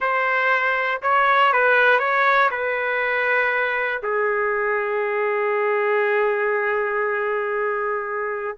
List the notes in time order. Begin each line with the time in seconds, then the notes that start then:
0.00 C5
1.02 C#5
1.52 B4
1.99 C#5
2.50 B4
4.02 G#4